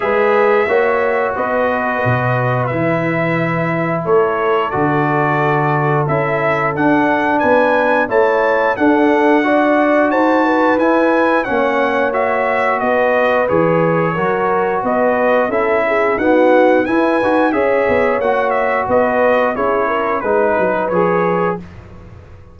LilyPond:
<<
  \new Staff \with { instrumentName = "trumpet" } { \time 4/4 \tempo 4 = 89 e''2 dis''2 | e''2 cis''4 d''4~ | d''4 e''4 fis''4 gis''4 | a''4 fis''2 a''4 |
gis''4 fis''4 e''4 dis''4 | cis''2 dis''4 e''4 | fis''4 gis''4 e''4 fis''8 e''8 | dis''4 cis''4 b'4 cis''4 | }
  \new Staff \with { instrumentName = "horn" } { \time 4/4 b'4 cis''4 b'2~ | b'2 a'2~ | a'2. b'4 | cis''4 a'4 d''4 c''8 b'8~ |
b'4 cis''2 b'4~ | b'4 ais'4 b'4 a'8 gis'8 | fis'4 b'4 cis''2 | b'4 gis'8 ais'8 b'2 | }
  \new Staff \with { instrumentName = "trombone" } { \time 4/4 gis'4 fis'2. | e'2. fis'4~ | fis'4 e'4 d'2 | e'4 d'4 fis'2 |
e'4 cis'4 fis'2 | gis'4 fis'2 e'4 | b4 e'8 fis'8 gis'4 fis'4~ | fis'4 e'4 dis'4 gis'4 | }
  \new Staff \with { instrumentName = "tuba" } { \time 4/4 gis4 ais4 b4 b,4 | e2 a4 d4~ | d4 cis'4 d'4 b4 | a4 d'2 dis'4 |
e'4 ais2 b4 | e4 fis4 b4 cis'4 | dis'4 e'8 dis'8 cis'8 b8 ais4 | b4 cis'4 gis8 fis8 f4 | }
>>